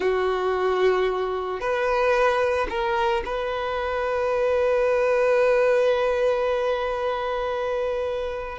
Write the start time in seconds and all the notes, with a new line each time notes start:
0.00 F#4
1.60 B4
2.69 A#4
3.25 B4